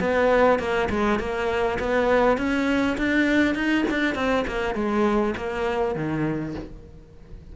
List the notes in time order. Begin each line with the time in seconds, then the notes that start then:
0.00 B3
0.59 A#3
0.90 G#3
1.19 A#3
1.79 B3
2.37 C#4
2.98 D4
3.55 D#4
3.90 D4
4.15 C4
4.47 A#3
4.75 G#3
5.37 A#3
5.95 D#3